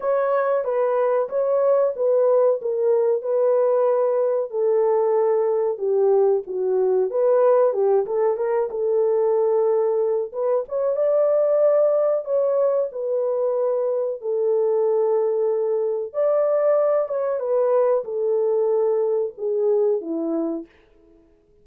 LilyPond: \new Staff \with { instrumentName = "horn" } { \time 4/4 \tempo 4 = 93 cis''4 b'4 cis''4 b'4 | ais'4 b'2 a'4~ | a'4 g'4 fis'4 b'4 | g'8 a'8 ais'8 a'2~ a'8 |
b'8 cis''8 d''2 cis''4 | b'2 a'2~ | a'4 d''4. cis''8 b'4 | a'2 gis'4 e'4 | }